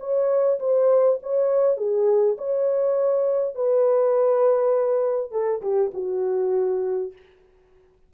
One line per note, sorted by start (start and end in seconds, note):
0.00 0.59 C#5
0.60 1.19 C5
1.23 1.77 C#5
1.77 2.37 G#4
2.38 3.55 C#5
3.55 5.32 B4
5.32 5.61 A4
5.62 5.92 G4
5.94 7.13 F#4